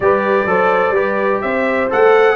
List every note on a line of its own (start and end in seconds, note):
0.00 0.45 G3
0.00 0.47 G4
0.00 0.48 B4
0.00 1.41 D5
0.45 0.90 F#3
0.45 0.94 A4
0.45 0.95 C5
0.90 1.37 G3
0.90 1.89 G4
0.90 1.42 B4
1.41 1.90 C4
1.41 2.36 C5
1.41 1.88 E5
1.90 2.36 A3
1.90 2.36 A4
1.90 2.36 F#5